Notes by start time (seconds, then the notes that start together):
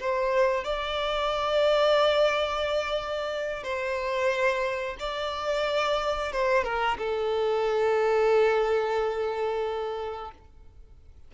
0.00 C5
0.65 D5
3.64 C5
5.00 D5
6.33 C5
6.64 A#4
6.98 A4